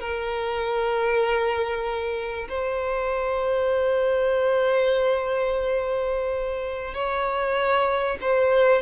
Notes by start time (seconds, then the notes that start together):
0.00 A#4
2.49 C5
6.94 C#5
8.20 C5